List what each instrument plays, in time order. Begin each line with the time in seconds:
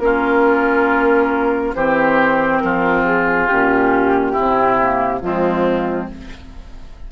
0.00 bassoon A#3, clarinet C#4, oboe F4, flute A#4
1.75 bassoon E3, clarinet C4, oboe G4, flute C5
2.59 bassoon F3, oboe F4, flute A#4
3.05 flute G#4
3.48 bassoon A#2, clarinet C#4, flute G4
4.32 bassoon C3, clarinet C4, oboe E4
4.80 clarinet A#3
5.20 bassoon F3, clarinet G#3, oboe C4, flute F4